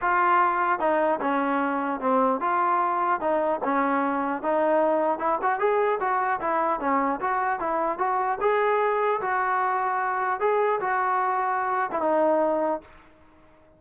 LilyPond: \new Staff \with { instrumentName = "trombone" } { \time 4/4 \tempo 4 = 150 f'2 dis'4 cis'4~ | cis'4 c'4 f'2 | dis'4 cis'2 dis'4~ | dis'4 e'8 fis'8 gis'4 fis'4 |
e'4 cis'4 fis'4 e'4 | fis'4 gis'2 fis'4~ | fis'2 gis'4 fis'4~ | fis'4.~ fis'16 e'16 dis'2 | }